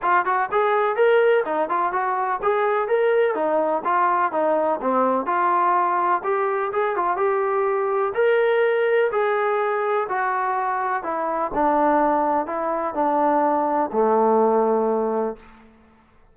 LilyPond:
\new Staff \with { instrumentName = "trombone" } { \time 4/4 \tempo 4 = 125 f'8 fis'8 gis'4 ais'4 dis'8 f'8 | fis'4 gis'4 ais'4 dis'4 | f'4 dis'4 c'4 f'4~ | f'4 g'4 gis'8 f'8 g'4~ |
g'4 ais'2 gis'4~ | gis'4 fis'2 e'4 | d'2 e'4 d'4~ | d'4 a2. | }